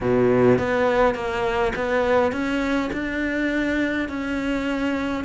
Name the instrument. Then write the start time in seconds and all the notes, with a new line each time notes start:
cello
0.01 B2
0.58 B3
1.14 A#3
1.75 B3
2.32 C#4
2.93 D4
4.09 C#4